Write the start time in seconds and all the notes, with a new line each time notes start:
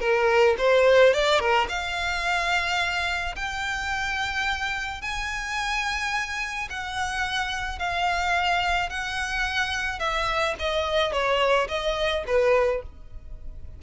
0.00 A#4
0.58 C5
1.14 D5
1.40 A#4
1.69 F5
3.36 G5
5.02 G#5
6.70 F#5
7.79 F5
8.90 F#5
9.99 E5
10.60 D#5
11.12 C#5
11.69 D#5
12.27 B4